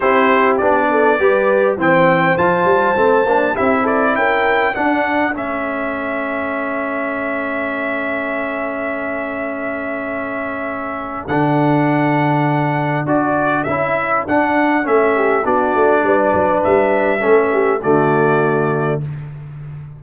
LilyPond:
<<
  \new Staff \with { instrumentName = "trumpet" } { \time 4/4 \tempo 4 = 101 c''4 d''2 g''4 | a''2 e''8 d''8 g''4 | fis''4 e''2.~ | e''1~ |
e''2. fis''4~ | fis''2 d''4 e''4 | fis''4 e''4 d''2 | e''2 d''2 | }
  \new Staff \with { instrumentName = "horn" } { \time 4/4 g'4. a'8 b'4 c''4~ | c''2 g'8 a'8 ais'4 | a'1~ | a'1~ |
a'1~ | a'1~ | a'4. g'8 fis'4 b'4~ | b'4 a'8 g'8 fis'2 | }
  \new Staff \with { instrumentName = "trombone" } { \time 4/4 e'4 d'4 g'4 c'4 | f'4 c'8 d'8 e'2 | d'4 cis'2.~ | cis'1~ |
cis'2. d'4~ | d'2 fis'4 e'4 | d'4 cis'4 d'2~ | d'4 cis'4 a2 | }
  \new Staff \with { instrumentName = "tuba" } { \time 4/4 c'4 b4 g4 e4 | f8 g8 a8 ais8 c'4 cis'4 | d'4 a2.~ | a1~ |
a2. d4~ | d2 d'4 cis'4 | d'4 a4 b8 a8 g8 fis8 | g4 a4 d2 | }
>>